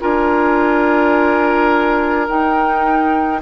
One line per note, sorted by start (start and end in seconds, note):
0.00 2.29 D4
0.00 2.26 F4
0.00 3.40 A#4
0.00 2.28 G#5
2.27 3.41 D#4
2.27 3.42 D#4
2.27 3.41 G5